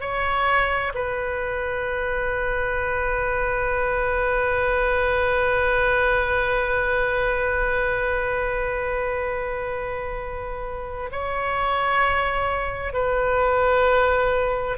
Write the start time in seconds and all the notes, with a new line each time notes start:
0.00 C#5
0.94 B4
11.11 C#5
12.93 B4